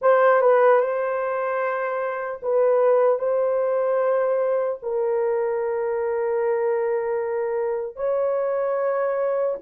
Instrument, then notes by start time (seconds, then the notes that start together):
horn
0.01 C5
0.41 B4
0.80 C5
2.42 B4
3.19 C5
4.82 A#4
7.96 C#5